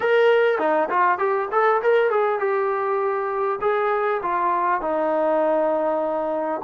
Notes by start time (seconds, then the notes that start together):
0.00 A#4
0.58 D#4
0.89 F4
1.18 G4
1.51 A4
1.82 A#4
2.10 G#4
2.39 G4
3.61 G#4
4.22 F4
4.81 D#4